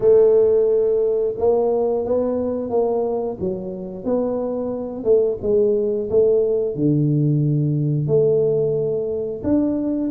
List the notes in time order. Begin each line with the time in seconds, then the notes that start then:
0.00 A3
1.37 A#3
2.05 B3
2.70 A#3
3.40 F#3
4.04 B3
5.04 A3
5.42 G#3
6.10 A3
6.75 D3
8.07 A3
9.43 D4